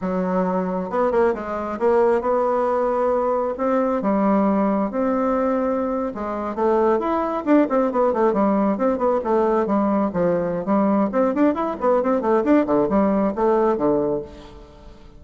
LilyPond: \new Staff \with { instrumentName = "bassoon" } { \time 4/4 \tempo 4 = 135 fis2 b8 ais8 gis4 | ais4 b2. | c'4 g2 c'4~ | c'4.~ c'16 gis4 a4 e'16~ |
e'8. d'8 c'8 b8 a8 g4 c'16~ | c'16 b8 a4 g4 f4~ f16 | g4 c'8 d'8 e'8 b8 c'8 a8 | d'8 d8 g4 a4 d4 | }